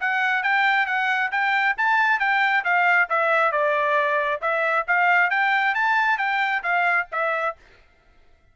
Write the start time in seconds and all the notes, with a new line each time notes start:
0.00 F#5
0.43 G5
0.86 F#5
1.31 G5
1.77 A5
2.19 G5
2.64 F5
3.09 E5
3.52 D5
4.41 E5
4.87 F5
5.30 G5
5.75 A5
6.18 G5
6.63 F5
7.12 E5